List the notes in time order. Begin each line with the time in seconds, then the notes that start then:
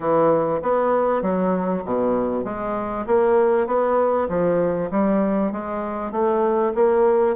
0.00 E3
0.62 B3
1.22 F#3
1.85 B2
2.44 G#3
3.06 A#3
3.67 B3
4.29 F3
4.90 G3
5.52 G#3
6.11 A3
6.74 A#3